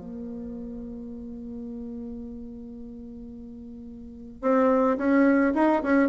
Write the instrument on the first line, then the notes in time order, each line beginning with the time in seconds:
bassoon
0.00 A#3
4.42 C4
4.98 C#4
5.55 D#4
5.83 C#4